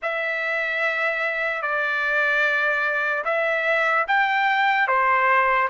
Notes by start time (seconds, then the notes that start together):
0.02 E5
1.61 D5
3.24 E5
4.07 G5
4.87 C5